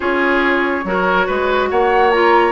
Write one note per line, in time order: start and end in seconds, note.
0.00 0.84 C#4
0.00 0.82 F4
0.00 0.84 G#4
0.00 1.67 C#5
0.84 1.26 F#3
0.84 2.12 F#4
0.84 1.26 A#4
1.26 1.71 G#3
1.26 1.68 B4
1.69 2.51 A#3
1.69 2.51 C#5
1.69 2.11 F#5
2.11 2.51 F4
2.11 2.51 A#5